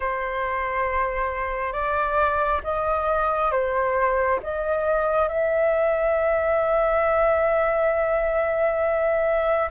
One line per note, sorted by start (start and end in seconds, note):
0.00 1.72 C5
1.72 2.61 D5
2.63 3.51 D#5
3.51 4.39 C5
4.42 5.28 D#5
5.28 9.69 E5